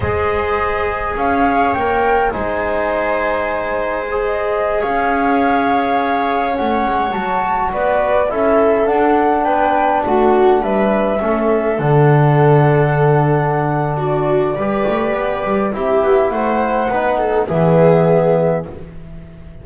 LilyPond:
<<
  \new Staff \with { instrumentName = "flute" } { \time 4/4 \tempo 4 = 103 dis''2 f''4 g''4 | gis''2.~ gis''16 dis''8.~ | dis''16 f''2. fis''8.~ | fis''16 a''4 d''4 e''4 fis''8.~ |
fis''16 g''4 fis''4 e''4.~ e''16~ | e''16 fis''2.~ fis''8. | d''2. e''4 | fis''2 e''2 | }
  \new Staff \with { instrumentName = "viola" } { \time 4/4 c''2 cis''2 | c''1~ | c''16 cis''2.~ cis''8.~ | cis''4~ cis''16 b'4 a'4.~ a'16~ |
a'16 b'4 fis'4 b'4 a'8.~ | a'1 | fis'4 b'2 g'4 | c''4 b'8 a'8 gis'2 | }
  \new Staff \with { instrumentName = "trombone" } { \time 4/4 gis'2. ais'4 | dis'2. gis'4~ | gis'2.~ gis'16 cis'8.~ | cis'16 fis'2 e'4 d'8.~ |
d'2.~ d'16 cis'8.~ | cis'16 d'2.~ d'8.~ | d'4 g'2 e'4~ | e'4 dis'4 b2 | }
  \new Staff \with { instrumentName = "double bass" } { \time 4/4 gis2 cis'4 ais4 | gis1~ | gis16 cis'2. a8 gis16~ | gis16 fis4 b4 cis'4 d'8.~ |
d'16 b4 a4 g4 a8.~ | a16 d2.~ d8.~ | d4 g8 a8 b8 g8 c'8 b8 | a4 b4 e2 | }
>>